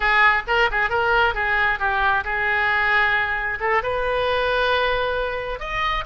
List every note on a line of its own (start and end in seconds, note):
0.00 0.42 G#4
0.47 0.69 A#4
0.71 0.89 G#4
0.89 1.34 A#4
1.34 1.79 G#4
1.79 2.23 G4
2.24 3.58 G#4
3.60 3.82 A4
3.82 5.59 B4
5.59 6.04 D#5